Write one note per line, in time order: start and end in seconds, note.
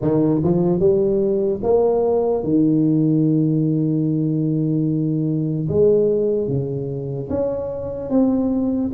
0.01 0.42 D#3
0.43 0.79 F3
0.79 1.60 G3
1.62 2.43 A#3
2.43 5.68 D#3
5.68 6.47 G#3
6.47 7.28 C#3
7.29 8.09 C#4
8.09 8.90 C4